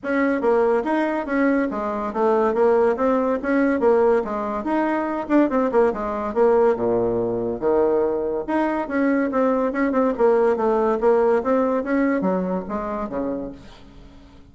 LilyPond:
\new Staff \with { instrumentName = "bassoon" } { \time 4/4 \tempo 4 = 142 cis'4 ais4 dis'4 cis'4 | gis4 a4 ais4 c'4 | cis'4 ais4 gis4 dis'4~ | dis'8 d'8 c'8 ais8 gis4 ais4 |
ais,2 dis2 | dis'4 cis'4 c'4 cis'8 c'8 | ais4 a4 ais4 c'4 | cis'4 fis4 gis4 cis4 | }